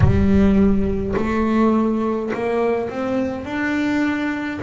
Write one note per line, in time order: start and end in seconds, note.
0.00 1.14 G3
1.16 2.31 A3
2.33 2.89 A#3
2.89 3.44 C4
3.44 4.59 D4